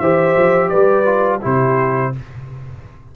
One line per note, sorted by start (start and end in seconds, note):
0.00 0.36 E3
0.00 1.05 G4
0.00 0.70 C5
0.00 0.69 E5
0.36 0.72 F3
0.69 1.45 G3
0.69 1.41 B4
0.69 1.40 D5
1.05 1.41 F4
1.42 2.16 C3
1.42 2.12 E4
1.42 2.15 G4
1.42 2.16 C5